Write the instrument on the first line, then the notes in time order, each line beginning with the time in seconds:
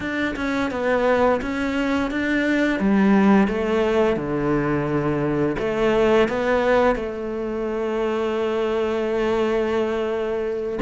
cello
0.00 D4
0.36 C#4
0.70 B3
1.41 C#4
2.11 D4
2.79 G3
3.47 A3
4.16 D3
5.58 A3
6.28 B3
6.95 A3